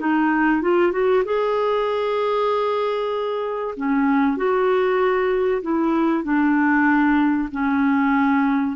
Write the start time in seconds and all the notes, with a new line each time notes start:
0.00 D#4
0.62 F4
0.92 F#4
1.25 G#4
3.77 C#4
4.37 F#4
5.62 E4
6.24 D4
7.52 C#4